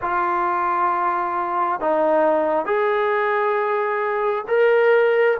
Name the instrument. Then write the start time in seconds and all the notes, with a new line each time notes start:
trombone
0.01 F4
1.80 D#4
2.65 G#4
4.47 A#4